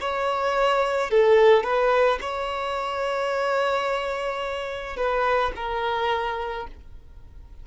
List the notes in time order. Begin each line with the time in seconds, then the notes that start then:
0.00 C#5
1.10 A4
1.63 B4
2.21 C#5
4.96 B4
5.56 A#4